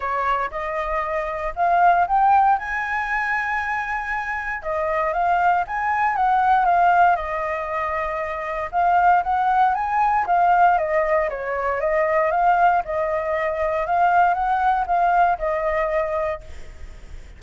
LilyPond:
\new Staff \with { instrumentName = "flute" } { \time 4/4 \tempo 4 = 117 cis''4 dis''2 f''4 | g''4 gis''2.~ | gis''4 dis''4 f''4 gis''4 | fis''4 f''4 dis''2~ |
dis''4 f''4 fis''4 gis''4 | f''4 dis''4 cis''4 dis''4 | f''4 dis''2 f''4 | fis''4 f''4 dis''2 | }